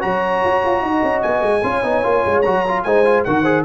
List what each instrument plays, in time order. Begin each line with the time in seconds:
0.00 tuba F#3, trombone F#4, horn C#5, trumpet A#5
0.45 tuba F#4
0.65 tuba F4
0.82 tuba D#4, horn D#5
1.03 tuba C#4
1.22 tuba B3, trumpet G#5
1.42 tuba G#3
1.63 tuba C#4, trombone F4, horn C#5
1.84 tuba B3, trombone D#4
2.04 tuba A#3, trombone F4
2.26 tuba G#3
2.42 tuba F#3, trombone F#4, trumpet A#5
2.68 trombone F4
2.84 tuba G#3, trombone D#4, horn C5, trumpet G#5
3.05 trombone F4
3.24 tuba D#3, trombone F#4, horn A#4, trumpet F#5
3.42 trombone G#4, horn C5